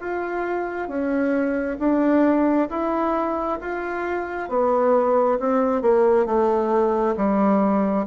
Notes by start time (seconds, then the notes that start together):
0.00 F4
0.88 C#4
1.79 D4
2.69 E4
3.61 F4
4.49 B3
5.40 C4
5.82 A#3
6.26 A3
7.17 G3